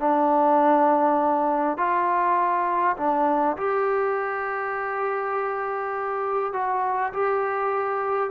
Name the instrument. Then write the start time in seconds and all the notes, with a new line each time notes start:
trombone
0.00 D4
1.78 F4
2.98 D4
3.57 G4
6.53 F#4
7.14 G4